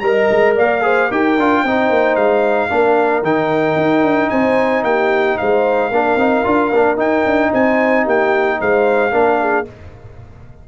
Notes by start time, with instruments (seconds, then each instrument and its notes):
0.00 tuba G3, trombone A#4, horn D#5, trumpet A#5
0.31 tuba G#3
0.57 tuba A#3, horn D5, trumpet F5
0.82 trombone G#4, horn C5
1.10 tuba D#4, trombone G4, horn A#4, trumpet G5
1.38 tuba D4, trombone F4
1.64 tuba C4, trombone D#4, horn C5
1.90 tuba A#3
2.16 tuba G#3, trumpet F5
2.70 tuba A#3, trombone D4, horn A#4
3.23 tuba D#3, trombone D#4, trumpet G5
3.76 tuba D#4
4.03 tuba D4
4.30 tuba C4, horn C5, trumpet G#5
4.84 tuba A#3, horn G4, trumpet G5
5.38 tuba G#3, horn C5, trumpet F5
5.90 tuba A#3, trombone D4, horn A#4
6.16 tuba C4, trombone D#4
6.45 tuba D4, trombone F4
6.73 tuba A#3, trombone D4
6.97 trombone D#4, tuba D#4, trumpet G5
7.25 tuba D4
7.51 tuba C4, horn C5, trumpet G#5
8.04 tuba A#3, horn G4, trumpet G5
8.60 tuba G#3, horn C5, trumpet F5
9.12 tuba A#3, trombone D4, horn A#4
9.41 horn G#4